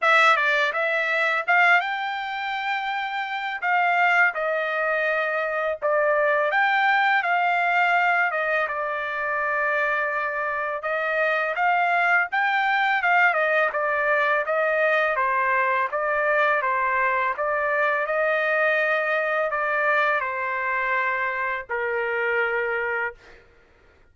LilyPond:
\new Staff \with { instrumentName = "trumpet" } { \time 4/4 \tempo 4 = 83 e''8 d''8 e''4 f''8 g''4.~ | g''4 f''4 dis''2 | d''4 g''4 f''4. dis''8 | d''2. dis''4 |
f''4 g''4 f''8 dis''8 d''4 | dis''4 c''4 d''4 c''4 | d''4 dis''2 d''4 | c''2 ais'2 | }